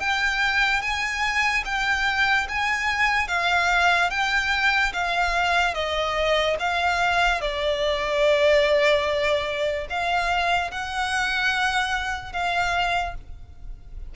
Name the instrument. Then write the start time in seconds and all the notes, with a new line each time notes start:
violin
0.00 G5
0.82 G#5
1.66 G5
2.49 G#5
3.28 F5
4.11 G5
4.93 F5
5.75 D#5
6.60 F5
7.41 D5
9.90 F5
10.71 F#5
12.33 F5